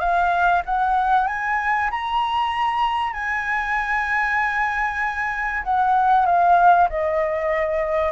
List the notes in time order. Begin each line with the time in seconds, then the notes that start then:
0.00 F5
0.66 F#5
1.28 G#5
1.91 A#5
3.13 G#5
5.64 F#5
6.26 F5
6.89 D#5